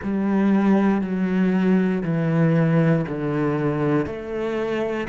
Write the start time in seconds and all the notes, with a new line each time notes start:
0.02 G3
1.01 F#3
2.03 E3
3.08 D3
4.05 A3